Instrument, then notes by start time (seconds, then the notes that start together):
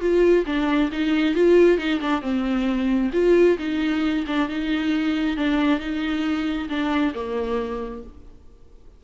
viola
0.00 F4
0.46 D4
0.92 D#4
1.34 F4
1.78 D#4
2.00 D4
2.21 C4
3.13 F4
3.58 D#4
4.27 D4
4.48 D#4
5.37 D4
5.79 D#4
6.69 D4
7.14 A#3